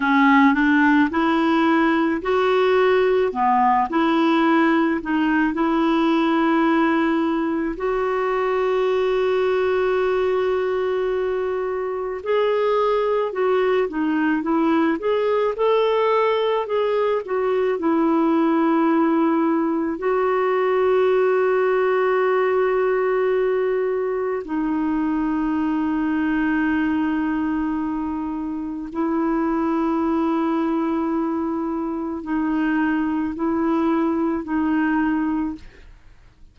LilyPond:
\new Staff \with { instrumentName = "clarinet" } { \time 4/4 \tempo 4 = 54 cis'8 d'8 e'4 fis'4 b8 e'8~ | e'8 dis'8 e'2 fis'4~ | fis'2. gis'4 | fis'8 dis'8 e'8 gis'8 a'4 gis'8 fis'8 |
e'2 fis'2~ | fis'2 dis'2~ | dis'2 e'2~ | e'4 dis'4 e'4 dis'4 | }